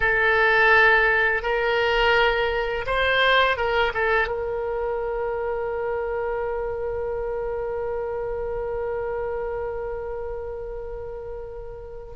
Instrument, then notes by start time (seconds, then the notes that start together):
oboe
0.00 A4
1.42 A#4
2.86 C5
3.56 A#4
3.94 A4
4.27 A#4